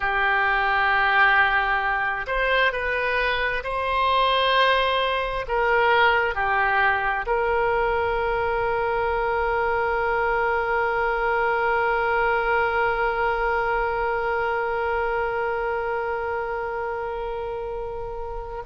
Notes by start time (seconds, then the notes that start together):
0.00 G4
2.26 C5
2.72 B4
3.63 C5
5.48 A#4
6.34 G4
7.26 A#4